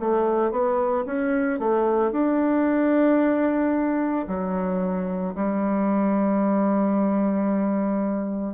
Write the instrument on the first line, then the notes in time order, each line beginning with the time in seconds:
bassoon
0.00 A3
0.51 B3
1.05 C#4
1.59 A3
2.11 D4
4.27 F#3
5.34 G3